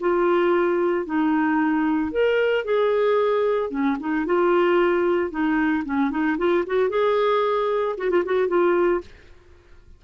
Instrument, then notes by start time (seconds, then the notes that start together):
clarinet
0.00 F4
1.06 D#4
2.11 A#4
2.64 G#4
3.70 C#4
4.00 D#4
4.25 F4
5.30 D#4
5.85 C#4
6.10 D#4
6.37 F4
6.66 F#4
6.89 G#4
7.97 F#4
8.10 F4
8.24 F#4
8.48 F4